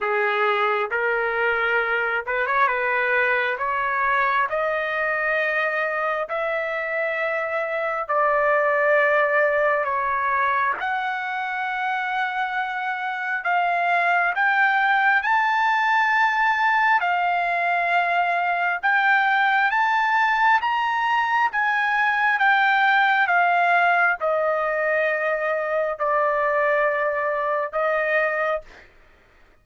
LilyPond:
\new Staff \with { instrumentName = "trumpet" } { \time 4/4 \tempo 4 = 67 gis'4 ais'4. b'16 cis''16 b'4 | cis''4 dis''2 e''4~ | e''4 d''2 cis''4 | fis''2. f''4 |
g''4 a''2 f''4~ | f''4 g''4 a''4 ais''4 | gis''4 g''4 f''4 dis''4~ | dis''4 d''2 dis''4 | }